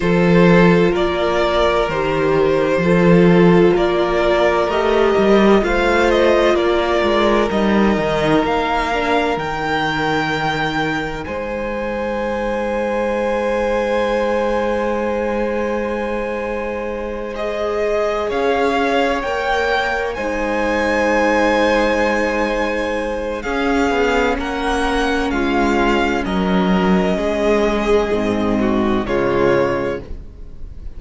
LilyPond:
<<
  \new Staff \with { instrumentName = "violin" } { \time 4/4 \tempo 4 = 64 c''4 d''4 c''2 | d''4 dis''4 f''8 dis''8 d''4 | dis''4 f''4 g''2 | gis''1~ |
gis''2~ gis''8 dis''4 f''8~ | f''8 g''4 gis''2~ gis''8~ | gis''4 f''4 fis''4 f''4 | dis''2. cis''4 | }
  \new Staff \with { instrumentName = "violin" } { \time 4/4 a'4 ais'2 a'4 | ais'2 c''4 ais'4~ | ais'1 | c''1~ |
c''2.~ c''8 cis''8~ | cis''4. c''2~ c''8~ | c''4 gis'4 ais'4 f'4 | ais'4 gis'4. fis'8 f'4 | }
  \new Staff \with { instrumentName = "viola" } { \time 4/4 f'2 g'4 f'4~ | f'4 g'4 f'2 | dis'4. d'8 dis'2~ | dis'1~ |
dis'2~ dis'8 gis'4.~ | gis'8 ais'4 dis'2~ dis'8~ | dis'4 cis'2.~ | cis'2 c'4 gis4 | }
  \new Staff \with { instrumentName = "cello" } { \time 4/4 f4 ais4 dis4 f4 | ais4 a8 g8 a4 ais8 gis8 | g8 dis8 ais4 dis2 | gis1~ |
gis2.~ gis8 cis'8~ | cis'8 ais4 gis2~ gis8~ | gis4 cis'8 b8 ais4 gis4 | fis4 gis4 gis,4 cis4 | }
>>